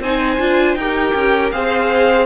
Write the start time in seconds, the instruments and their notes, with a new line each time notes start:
0.00 cello C4, viola D#4, violin C5 G#5
0.40 cello D4, viola F4
0.75 cello D#4, viola G4, violin A#4 G5
1.15 cello C#4
1.52 cello C4, viola G#4, violin C5 F5